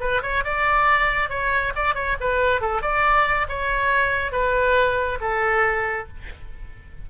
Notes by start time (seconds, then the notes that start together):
0.00 B4
0.22 C#5
0.44 D5
1.29 C#5
1.75 D5
1.94 C#5
2.20 B4
2.61 A4
2.82 D5
3.48 C#5
4.32 B4
5.21 A4